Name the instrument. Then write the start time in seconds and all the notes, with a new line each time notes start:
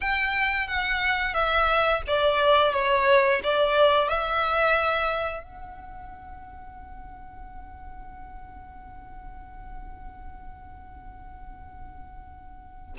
violin
0.00 G5
0.67 F#5
1.34 E5
2.07 D5
2.72 C#5
3.43 D5
4.08 E5
5.43 F#5